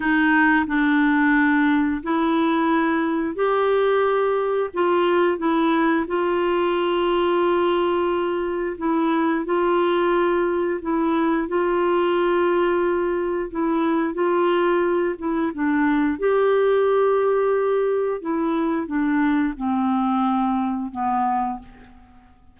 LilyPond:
\new Staff \with { instrumentName = "clarinet" } { \time 4/4 \tempo 4 = 89 dis'4 d'2 e'4~ | e'4 g'2 f'4 | e'4 f'2.~ | f'4 e'4 f'2 |
e'4 f'2. | e'4 f'4. e'8 d'4 | g'2. e'4 | d'4 c'2 b4 | }